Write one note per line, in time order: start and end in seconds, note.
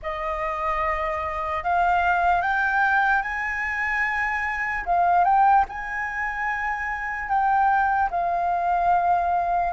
0.02 1.63 D#5
1.63 2.41 F5
2.41 3.22 G5
3.22 4.84 G#5
4.85 5.24 F5
5.24 5.65 G5
5.69 7.28 G#5
7.28 8.09 G5
8.10 9.72 F5